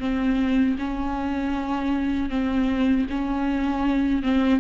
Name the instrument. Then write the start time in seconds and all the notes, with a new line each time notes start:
viola
0.00 C4
0.79 C#4
2.30 C4
3.10 C#4
4.23 C4